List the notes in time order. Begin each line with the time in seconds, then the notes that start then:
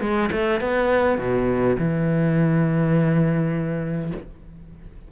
0.00 G#3
0.32 A3
0.60 B3
1.18 B2
1.78 E3